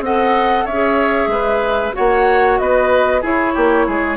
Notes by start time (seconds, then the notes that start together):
0.00 C4 A4 D#5 F#5
0.64 C#4 C#5 E5
0.72 G#4
1.27 G#3 B4
1.92 F#4 C#5 F#5
1.98 A#3
2.58 B3 B4 D#5
3.21 E4 G#4 C#5
3.53 A#3 G4
3.87 G#3 G#4